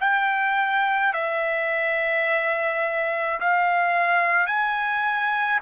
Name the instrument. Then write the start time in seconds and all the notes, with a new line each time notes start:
trumpet
0.00 G5
1.13 E5
3.40 F5
4.46 G#5